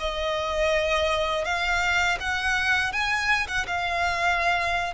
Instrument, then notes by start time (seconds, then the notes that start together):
violin
0.00 D#5
1.45 F5
2.20 F#5
2.93 G#5
3.48 F#5
3.67 F5